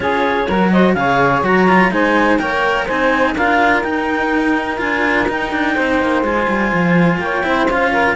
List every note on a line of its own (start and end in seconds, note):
0.00 0.48 C#4
0.00 0.46 F4
0.00 0.47 G#4
0.00 0.69 C#5
0.47 0.95 F#3
0.47 0.96 F#4
0.47 0.71 A#4
0.72 0.96 C5
0.72 0.93 D#5
0.93 1.42 C#3
0.93 1.44 G#4
0.93 1.92 C#5
0.93 1.41 F5
1.42 1.90 F#3
1.42 1.68 F#4
1.42 1.92 A#5
1.68 1.91 F4
1.91 2.39 G#3
1.91 2.38 D#4
1.91 2.39 C5
1.91 2.38 G#5
2.38 2.88 A#3
2.38 2.86 A#4
2.38 2.85 C#5
2.38 2.86 G5
2.85 3.36 D#4
2.85 3.33 C5
2.85 3.35 G#5
2.91 3.35 C4
3.35 3.83 D4
3.35 3.83 F4
3.35 5.75 A#4
3.35 3.82 F5
3.82 4.77 D#4
3.82 4.80 D#4
3.82 4.78 G5
4.77 5.29 D4
4.77 5.25 F4
4.77 5.27 G#5
5.28 6.24 D#4
5.28 5.51 D#4
5.28 6.24 G5
5.51 5.75 D4
5.75 6.01 C4
5.75 7.19 C5
6.01 6.22 A#3
6.22 6.46 G#3
6.22 7.43 F4
6.22 7.20 G#5
6.48 6.72 G3
6.73 7.18 F3
7.18 7.42 A#3
7.18 7.46 C#5
7.18 7.67 G5
7.43 7.67 C4
7.43 7.67 E4
7.43 7.91 C5
7.67 8.15 C#4
7.67 8.16 F4
7.67 8.16 F5
7.91 8.15 A#4